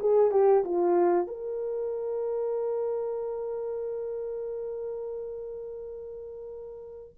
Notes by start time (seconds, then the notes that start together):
0.00 G#4
0.32 G4
0.65 F4
1.27 A#4